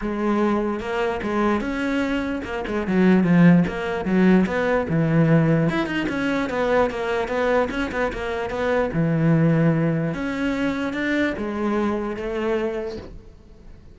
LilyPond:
\new Staff \with { instrumentName = "cello" } { \time 4/4 \tempo 4 = 148 gis2 ais4 gis4 | cis'2 ais8 gis8 fis4 | f4 ais4 fis4 b4 | e2 e'8 dis'8 cis'4 |
b4 ais4 b4 cis'8 b8 | ais4 b4 e2~ | e4 cis'2 d'4 | gis2 a2 | }